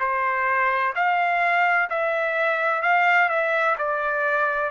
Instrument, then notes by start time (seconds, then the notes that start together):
trumpet
0.00 C5
0.95 F5
1.90 E5
2.82 F5
3.29 E5
3.78 D5